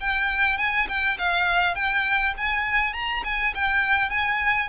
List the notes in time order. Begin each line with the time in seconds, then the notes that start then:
0.00 G5
0.57 G#5
0.88 G5
1.18 F5
1.75 G5
2.37 G#5
2.93 A#5
3.24 G#5
3.55 G5
4.10 G#5